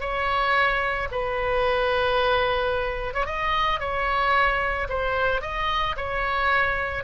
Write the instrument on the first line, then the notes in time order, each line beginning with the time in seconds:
oboe
0.00 C#5
1.11 B4
3.14 C#5
3.26 D#5
3.80 C#5
4.89 C5
5.41 D#5
5.96 C#5